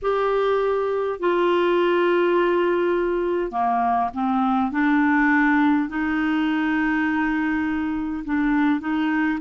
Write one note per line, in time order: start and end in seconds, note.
0.02 1.19 G4
1.19 3.51 F4
3.51 4.10 A#3
4.13 4.71 C4
4.71 5.88 D4
5.88 8.24 D#4
8.25 8.80 D4
8.80 9.39 D#4